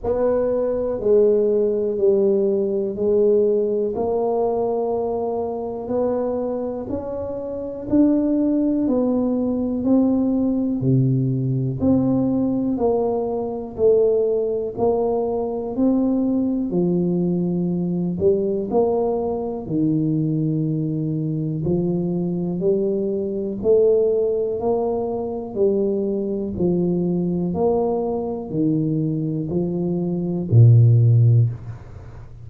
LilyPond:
\new Staff \with { instrumentName = "tuba" } { \time 4/4 \tempo 4 = 61 b4 gis4 g4 gis4 | ais2 b4 cis'4 | d'4 b4 c'4 c4 | c'4 ais4 a4 ais4 |
c'4 f4. g8 ais4 | dis2 f4 g4 | a4 ais4 g4 f4 | ais4 dis4 f4 ais,4 | }